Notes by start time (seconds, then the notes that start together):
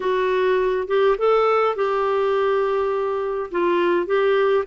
0.00 F#4
0.87 G4
1.18 A4
1.75 G4
3.51 F4
4.06 G4